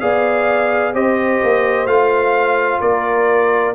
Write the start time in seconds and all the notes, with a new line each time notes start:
0.00 B3 G#4 D5 F5
0.94 C4 G4 C5 D#5
1.43 A#3
1.86 A3 F4 F5
2.81 A#3 A#4 D5